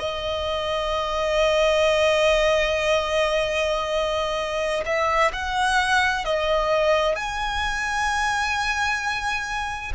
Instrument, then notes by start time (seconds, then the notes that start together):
violin
0.00 D#5
4.86 E5
5.33 F#5
6.25 D#5
7.16 G#5